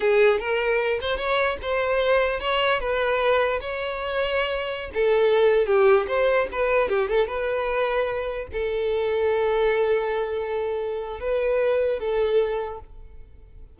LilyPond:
\new Staff \with { instrumentName = "violin" } { \time 4/4 \tempo 4 = 150 gis'4 ais'4. c''8 cis''4 | c''2 cis''4 b'4~ | b'4 cis''2.~ | cis''16 a'2 g'4 c''8.~ |
c''16 b'4 g'8 a'8 b'4.~ b'16~ | b'4~ b'16 a'2~ a'8.~ | a'1 | b'2 a'2 | }